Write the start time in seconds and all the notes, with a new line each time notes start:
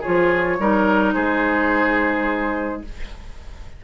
0.00 F4 G#4 C#5
0.07 F3
0.59 G3 D#4 A#4
1.13 G#3 G#4 C5